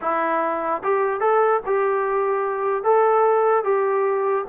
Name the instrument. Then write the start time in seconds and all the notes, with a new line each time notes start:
trombone
0.01 E4
0.83 G4
1.20 A4
1.65 G4
2.83 A4
3.64 G4